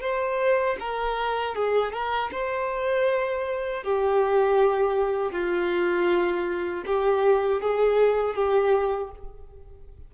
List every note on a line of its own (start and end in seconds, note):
0.00 0.76 C5
0.79 1.55 A#4
1.55 1.92 G#4
1.92 2.30 A#4
2.31 3.83 C5
3.83 5.32 G4
5.32 6.84 F4
6.86 7.61 G4
7.61 8.34 G#4
8.34 9.10 G4